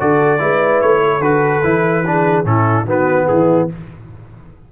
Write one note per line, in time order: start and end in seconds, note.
0.00 0.40 D3
0.00 0.39 F#4
0.00 0.41 A4
0.00 0.81 D5
0.39 0.82 G#3
0.39 1.21 E4
0.39 1.03 B4
0.81 1.20 A3
0.81 1.22 C#5
1.04 2.07 A4
1.20 1.61 D3
1.20 1.63 F#4
1.20 2.45 B4
1.63 2.45 E3
1.63 2.05 E4
2.07 2.45 D4
2.07 2.47 G#4
2.45 2.85 A2
2.45 2.86 C#4
2.45 2.86 E4
2.45 2.87 A4
2.85 3.26 D#3
2.85 3.69 B3
2.85 3.27 F#4
2.85 3.28 B4
3.28 3.71 E3
3.28 3.72 E4
3.28 3.69 G#4